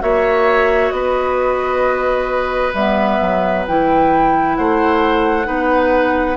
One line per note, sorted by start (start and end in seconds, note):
0.00 0.91 A#3
0.00 2.73 F#4
0.00 0.94 C#5
0.00 0.91 E5
0.91 2.73 B3
0.91 4.58 B4
0.91 2.73 D#5
2.74 3.19 G3
2.74 3.68 B3
2.74 3.65 E5
3.21 3.67 F#3
3.68 4.59 E3
3.68 5.45 E4
3.68 4.56 G5
4.56 5.47 A3
4.56 5.47 C5
4.56 6.37 F#5
5.45 6.37 B3
5.45 6.35 D#4
5.45 6.37 B4